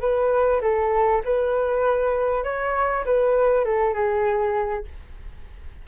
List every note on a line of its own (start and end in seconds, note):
0.00 0.61 B4
0.61 1.22 A4
1.25 2.44 B4
2.44 3.04 C#5
3.05 3.64 B4
3.64 3.93 A4
3.93 4.84 G#4